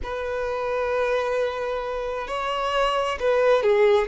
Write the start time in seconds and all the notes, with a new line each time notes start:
0.03 B4
2.27 C#5
3.19 B4
3.62 G#4